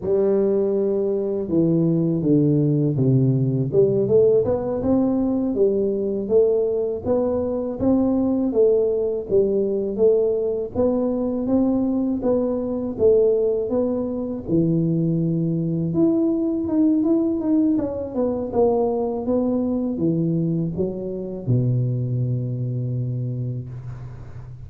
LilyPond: \new Staff \with { instrumentName = "tuba" } { \time 4/4 \tempo 4 = 81 g2 e4 d4 | c4 g8 a8 b8 c'4 g8~ | g8 a4 b4 c'4 a8~ | a8 g4 a4 b4 c'8~ |
c'8 b4 a4 b4 e8~ | e4. e'4 dis'8 e'8 dis'8 | cis'8 b8 ais4 b4 e4 | fis4 b,2. | }